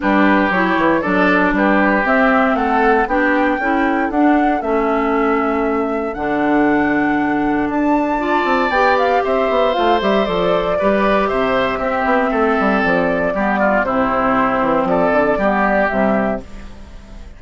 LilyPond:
<<
  \new Staff \with { instrumentName = "flute" } { \time 4/4 \tempo 4 = 117 b'4 cis''4 d''4 b'4 | e''4 fis''4 g''2 | fis''4 e''2. | fis''2. a''4~ |
a''4 g''8 f''8 e''4 f''8 e''8 | d''2 e''2~ | e''4 d''2 c''4~ | c''4 d''2 e''4 | }
  \new Staff \with { instrumentName = "oboe" } { \time 4/4 g'2 a'4 g'4~ | g'4 a'4 g'4 a'4~ | a'1~ | a'1 |
d''2 c''2~ | c''4 b'4 c''4 g'4 | a'2 g'8 f'8 e'4~ | e'4 a'4 g'2 | }
  \new Staff \with { instrumentName = "clarinet" } { \time 4/4 d'4 e'4 d'2 | c'2 d'4 e'4 | d'4 cis'2. | d'1 |
f'4 g'2 f'8 g'8 | a'4 g'2 c'4~ | c'2 b4 c'4~ | c'2 b4 g4 | }
  \new Staff \with { instrumentName = "bassoon" } { \time 4/4 g4 fis8 e8 fis4 g4 | c'4 a4 b4 cis'4 | d'4 a2. | d2. d'4~ |
d'8 c'8 b4 c'8 b8 a8 g8 | f4 g4 c4 c'8 b8 | a8 g8 f4 g4 c4~ | c8 e8 f8 d8 g4 c4 | }
>>